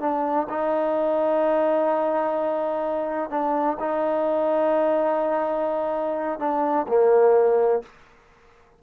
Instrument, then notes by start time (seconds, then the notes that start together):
trombone
0.00 D4
0.49 D#4
3.30 D4
3.80 D#4
6.39 D4
6.88 A#3